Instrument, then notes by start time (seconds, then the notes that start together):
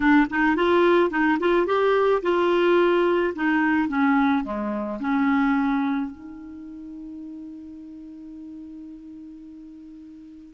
clarinet
0.00 D4
0.30 D#4
0.56 F4
1.10 D#4
1.39 F4
1.66 G4
2.22 F4
3.35 D#4
3.88 C#4
4.44 G#3
4.99 C#4
6.11 D#4